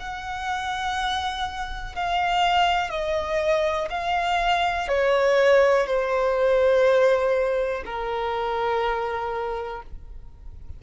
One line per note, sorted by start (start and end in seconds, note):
0.00 1.96 F#5
1.96 2.91 F5
2.91 3.89 D#5
3.90 4.89 F5
4.89 5.87 C#5
5.87 7.84 C5
7.86 9.83 A#4